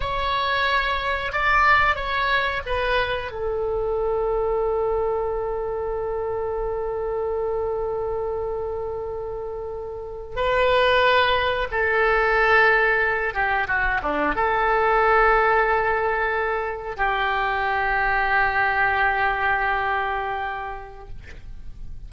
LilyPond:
\new Staff \with { instrumentName = "oboe" } { \time 4/4 \tempo 4 = 91 cis''2 d''4 cis''4 | b'4 a'2.~ | a'1~ | a'2.~ a'8. b'16~ |
b'4.~ b'16 a'2~ a'16~ | a'16 g'8 fis'8 d'8 a'2~ a'16~ | a'4.~ a'16 g'2~ g'16~ | g'1 | }